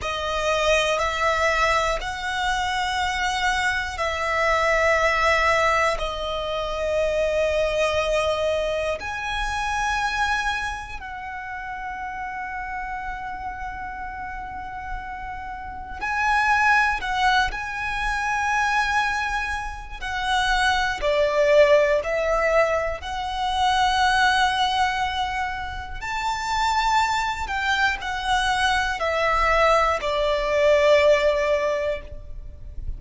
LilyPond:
\new Staff \with { instrumentName = "violin" } { \time 4/4 \tempo 4 = 60 dis''4 e''4 fis''2 | e''2 dis''2~ | dis''4 gis''2 fis''4~ | fis''1 |
gis''4 fis''8 gis''2~ gis''8 | fis''4 d''4 e''4 fis''4~ | fis''2 a''4. g''8 | fis''4 e''4 d''2 | }